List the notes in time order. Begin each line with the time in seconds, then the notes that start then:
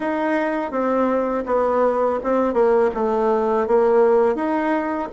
0.00 D#4
0.71 C4
1.46 B3
2.23 C4
2.53 A#3
2.94 A3
3.67 A#3
4.35 D#4